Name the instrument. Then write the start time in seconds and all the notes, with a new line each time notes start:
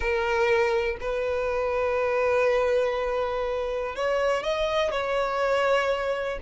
violin
0.00 A#4
1.00 B4
3.95 C#5
4.43 D#5
4.91 C#5